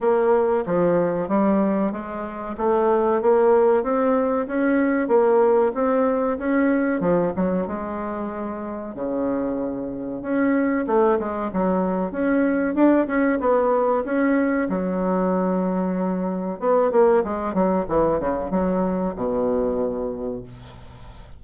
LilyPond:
\new Staff \with { instrumentName = "bassoon" } { \time 4/4 \tempo 4 = 94 ais4 f4 g4 gis4 | a4 ais4 c'4 cis'4 | ais4 c'4 cis'4 f8 fis8 | gis2 cis2 |
cis'4 a8 gis8 fis4 cis'4 | d'8 cis'8 b4 cis'4 fis4~ | fis2 b8 ais8 gis8 fis8 | e8 cis8 fis4 b,2 | }